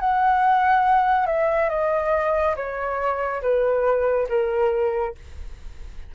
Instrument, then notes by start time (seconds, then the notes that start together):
flute
0.00 F#5
1.26 E5
1.69 D#5
2.56 C#5
3.42 B4
4.29 A#4